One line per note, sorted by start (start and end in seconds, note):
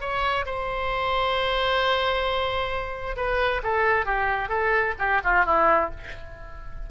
0.00 0.45 C#5
0.45 3.16 C5
3.16 3.61 B4
3.63 4.05 A4
4.05 4.49 G4
4.49 4.94 A4
4.98 5.21 G4
5.24 5.45 F4
5.45 5.90 E4